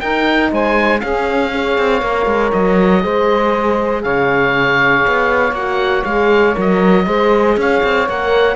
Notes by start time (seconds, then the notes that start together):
0.00 D#4 A#4 G5
0.51 G#3 C5 G#5
0.99 C#4 G#4 F5
1.51 G#4 C#5
1.78 C4
2.01 A#3 A#4
2.26 G#3
2.52 F#3 D#5
3.01 G#3 G#4 C5
4.03 C#3 C#5 F5
5.07 B3
5.52 A#3 F#4 F#5
6.04 G#3 G#4 F5
6.54 F#3 A#4
6.61 D#5
7.07 G#3 G#4 C5
7.57 C#4 C#5 F5
7.83 C4
8.09 A#3 A#4 F#5